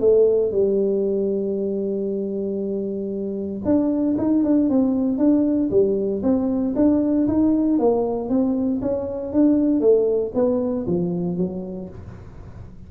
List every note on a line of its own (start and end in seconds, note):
0.00 0.51 A3
0.51 3.62 G3
3.65 4.16 D4
4.18 4.43 D#4
4.43 4.69 D4
4.69 5.18 C4
5.18 5.70 D4
5.70 6.22 G3
6.23 6.74 C4
6.75 7.27 D4
7.27 7.78 D#4
7.78 8.29 A#3
8.29 8.81 C4
8.81 9.33 C#4
9.33 9.80 D4
9.80 10.32 A3
10.34 10.86 B3
10.86 11.37 F3
11.37 11.89 F#3